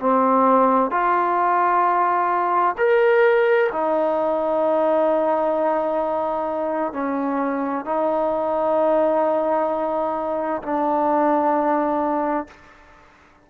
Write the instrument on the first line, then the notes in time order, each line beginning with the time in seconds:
trombone
0.00 C4
0.91 F4
2.78 A#4
3.72 D#4
6.93 C#4
7.85 D#4
10.62 D4